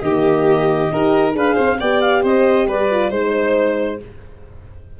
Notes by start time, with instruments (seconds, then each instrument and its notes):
0.00 tuba D#3, horn A#3, violin G4, clarinet D#5
0.92 tuba D#4, horn G4, violin A#4
1.31 tuba D4, horn G#4, violin B4, clarinet F5
1.55 tuba C4, violin C5
1.79 tuba B3, horn G4, violin D5, clarinet G5
2.00 clarinet F5
2.22 tuba C4, violin C5, clarinet D#5
2.67 tuba G3, violin B4, clarinet D5
2.90 horn F4
3.10 tuba G#3, horn D#4, violin C5, clarinet C5